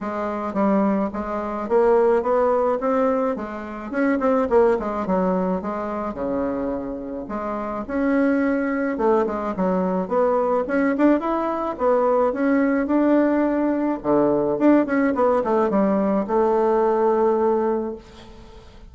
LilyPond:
\new Staff \with { instrumentName = "bassoon" } { \time 4/4 \tempo 4 = 107 gis4 g4 gis4 ais4 | b4 c'4 gis4 cis'8 c'8 | ais8 gis8 fis4 gis4 cis4~ | cis4 gis4 cis'2 |
a8 gis8 fis4 b4 cis'8 d'8 | e'4 b4 cis'4 d'4~ | d'4 d4 d'8 cis'8 b8 a8 | g4 a2. | }